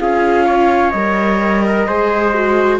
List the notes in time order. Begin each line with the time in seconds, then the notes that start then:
0.00 C#4 F4 G#4 F5
0.46 C#5
0.90 G3 A#4 D#5
1.67 A#4
1.87 G#3 G#4 C5
2.34 F#4